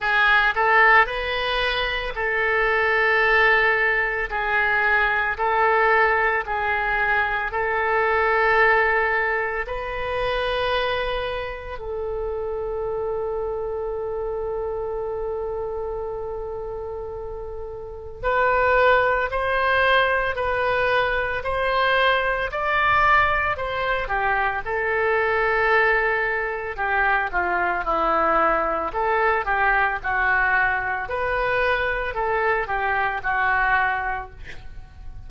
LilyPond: \new Staff \with { instrumentName = "oboe" } { \time 4/4 \tempo 4 = 56 gis'8 a'8 b'4 a'2 | gis'4 a'4 gis'4 a'4~ | a'4 b'2 a'4~ | a'1~ |
a'4 b'4 c''4 b'4 | c''4 d''4 c''8 g'8 a'4~ | a'4 g'8 f'8 e'4 a'8 g'8 | fis'4 b'4 a'8 g'8 fis'4 | }